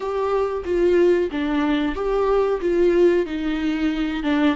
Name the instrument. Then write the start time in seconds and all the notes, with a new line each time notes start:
viola
0.00 G4
0.65 F4
1.31 D4
1.95 G4
2.61 F4
3.26 D#4
4.23 D4